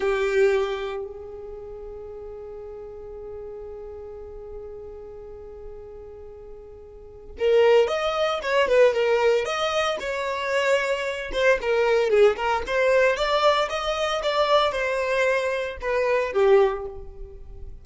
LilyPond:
\new Staff \with { instrumentName = "violin" } { \time 4/4 \tempo 4 = 114 g'2 gis'2~ | gis'1~ | gis'1~ | gis'2 ais'4 dis''4 |
cis''8 b'8 ais'4 dis''4 cis''4~ | cis''4. c''8 ais'4 gis'8 ais'8 | c''4 d''4 dis''4 d''4 | c''2 b'4 g'4 | }